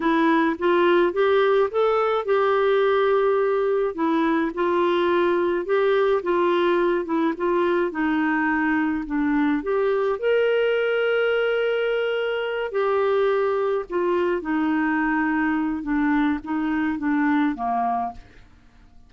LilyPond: \new Staff \with { instrumentName = "clarinet" } { \time 4/4 \tempo 4 = 106 e'4 f'4 g'4 a'4 | g'2. e'4 | f'2 g'4 f'4~ | f'8 e'8 f'4 dis'2 |
d'4 g'4 ais'2~ | ais'2~ ais'8 g'4.~ | g'8 f'4 dis'2~ dis'8 | d'4 dis'4 d'4 ais4 | }